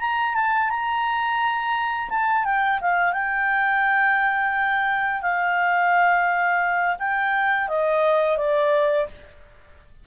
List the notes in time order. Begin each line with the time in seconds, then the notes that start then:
0.00 A#5
0.35 A5
0.69 A#5
2.09 A5
2.44 G5
2.81 F5
3.13 G5
5.22 F5
6.99 G5
7.68 D#5
8.37 D5